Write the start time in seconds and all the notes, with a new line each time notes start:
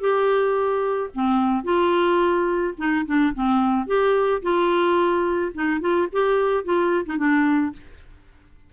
0.00 G4
1.14 C4
1.64 F4
2.78 D#4
3.06 D4
3.34 C4
3.87 G4
4.42 F4
5.54 D#4
5.80 F4
6.12 G4
6.64 F4
7.06 D#4
7.17 D4